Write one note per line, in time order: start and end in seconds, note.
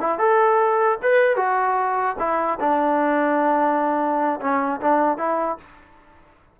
0.00 0.18 E4
0.18 0.98 A4
1.02 1.36 B4
1.36 2.16 F#4
2.19 2.59 E4
2.59 4.39 D4
4.40 4.80 C#4
4.80 5.17 D4
5.17 5.57 E4